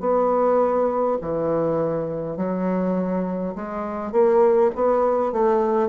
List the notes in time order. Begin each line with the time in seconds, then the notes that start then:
0.00 B3
1.21 E3
2.37 F#3
3.56 G#3
4.12 A#3
4.75 B3
5.33 A3